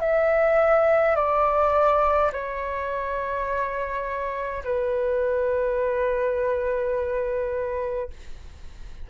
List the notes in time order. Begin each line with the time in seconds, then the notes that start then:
0.00 E5
1.16 D5
2.32 C#5
4.64 B4